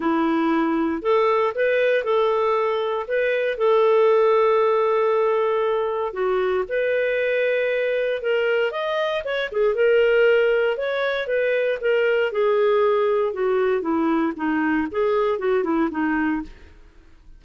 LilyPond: \new Staff \with { instrumentName = "clarinet" } { \time 4/4 \tempo 4 = 117 e'2 a'4 b'4 | a'2 b'4 a'4~ | a'1 | fis'4 b'2. |
ais'4 dis''4 cis''8 gis'8 ais'4~ | ais'4 cis''4 b'4 ais'4 | gis'2 fis'4 e'4 | dis'4 gis'4 fis'8 e'8 dis'4 | }